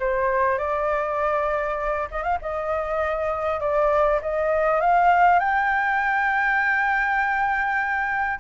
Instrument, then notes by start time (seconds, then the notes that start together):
flute
0.00 C5
0.59 D5
2.11 D#5
2.23 F5
2.42 D#5
3.61 D5
4.22 D#5
4.81 F5
5.40 G5